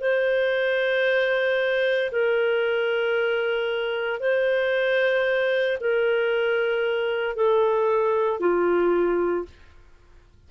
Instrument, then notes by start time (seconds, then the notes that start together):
clarinet
0.00 C5
2.11 A#4
4.20 C5
5.80 A#4
7.36 A4
8.40 F4